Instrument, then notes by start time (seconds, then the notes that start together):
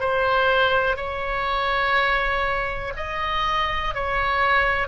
oboe
0.00 C5
0.97 C#5
2.96 D#5
3.94 C#5